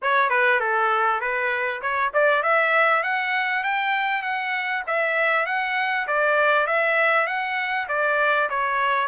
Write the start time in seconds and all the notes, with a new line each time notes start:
0.02 C#5
0.29 B4
0.60 A4
1.20 B4
1.81 C#5
2.13 D5
2.42 E5
3.03 F#5
3.63 G5
4.22 F#5
4.86 E5
5.46 F#5
6.07 D5
6.67 E5
7.26 F#5
7.88 D5
8.49 C#5